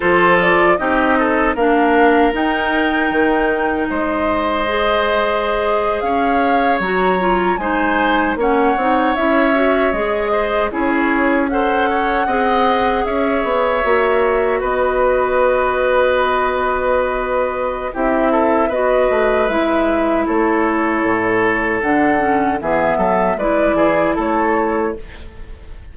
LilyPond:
<<
  \new Staff \with { instrumentName = "flute" } { \time 4/4 \tempo 4 = 77 c''8 d''8 dis''4 f''4 g''4~ | g''4 dis''2~ dis''8. f''16~ | f''8. ais''4 gis''4 fis''4 e''16~ | e''8. dis''4 cis''4 fis''4~ fis''16~ |
fis''8. e''2 dis''4~ dis''16~ | dis''2. e''4 | dis''4 e''4 cis''2 | fis''4 e''4 d''4 cis''4 | }
  \new Staff \with { instrumentName = "oboe" } { \time 4/4 a'4 g'8 a'8 ais'2~ | ais'4 c''2~ c''8. cis''16~ | cis''4.~ cis''16 c''4 cis''4~ cis''16~ | cis''4~ cis''16 c''8 gis'4 c''8 cis''8 dis''16~ |
dis''8. cis''2 b'4~ b'16~ | b'2. g'8 a'8 | b'2 a'2~ | a'4 gis'8 a'8 b'8 gis'8 a'4 | }
  \new Staff \with { instrumentName = "clarinet" } { \time 4/4 f'4 dis'4 d'4 dis'4~ | dis'2 gis'2~ | gis'8. fis'8 f'8 dis'4 cis'8 dis'8 e'16~ | e'16 fis'8 gis'4 e'4 a'4 gis'16~ |
gis'4.~ gis'16 fis'2~ fis'16~ | fis'2. e'4 | fis'4 e'2. | d'8 cis'8 b4 e'2 | }
  \new Staff \with { instrumentName = "bassoon" } { \time 4/4 f4 c'4 ais4 dis'4 | dis4 gis2~ gis8. cis'16~ | cis'8. fis4 gis4 ais8 c'8 cis'16~ | cis'8. gis4 cis'2 c'16~ |
c'8. cis'8 b8 ais4 b4~ b16~ | b2. c'4 | b8 a8 gis4 a4 a,4 | d4 e8 fis8 gis8 e8 a4 | }
>>